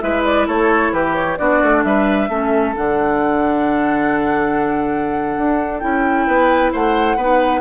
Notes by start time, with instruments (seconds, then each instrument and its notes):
0.00 bassoon G#3, clarinet E4, oboe B4, flute E5
0.24 flute D5
0.47 bassoon A3, oboe A4, flute C#5
0.92 bassoon E3, oboe G4, flute B4
1.14 flute C#5
1.37 bassoon B3, clarinet D4, oboe F#4, flute D5
1.62 bassoon A3
1.83 bassoon G3, oboe B4, flute E5
2.28 bassoon A3, clarinet C#4, oboe A4
2.75 bassoon D3, clarinet D4, flute F#5
5.37 bassoon D4
5.79 bassoon C#4, clarinet E4, flute G5
6.26 bassoon B3, oboe B4
6.72 bassoon A3, oboe C5, flute F#5
7.16 bassoon B3, clarinet D#4, oboe B4